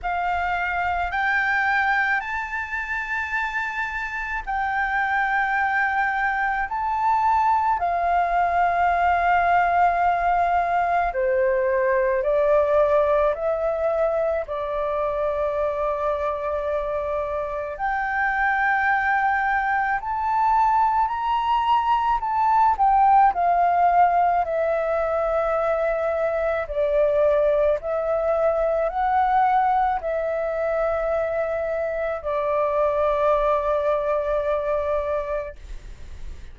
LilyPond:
\new Staff \with { instrumentName = "flute" } { \time 4/4 \tempo 4 = 54 f''4 g''4 a''2 | g''2 a''4 f''4~ | f''2 c''4 d''4 | e''4 d''2. |
g''2 a''4 ais''4 | a''8 g''8 f''4 e''2 | d''4 e''4 fis''4 e''4~ | e''4 d''2. | }